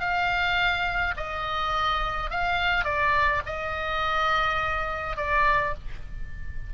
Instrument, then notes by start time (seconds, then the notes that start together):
oboe
0.00 F5
1.17 D#5
2.30 F5
2.84 D5
3.46 D#5
5.17 D5